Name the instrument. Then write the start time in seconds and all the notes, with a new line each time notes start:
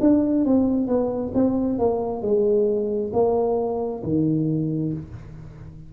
tuba
0.00 D4
0.45 C4
0.88 B3
1.34 C4
1.78 A#3
2.22 G#3
3.13 A#3
4.03 D#3